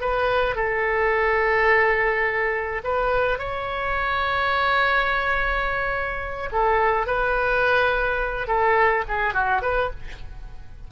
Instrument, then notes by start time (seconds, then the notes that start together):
oboe
0.00 B4
0.55 A4
2.84 B4
3.38 C#5
6.51 A4
7.06 B4
8.47 A4
9.08 G#4
9.33 F#4
9.61 B4